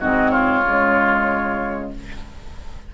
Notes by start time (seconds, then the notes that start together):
0.00 G#2 C4 F#4 D#5
0.30 F4 C#5
0.65 C#3 G#3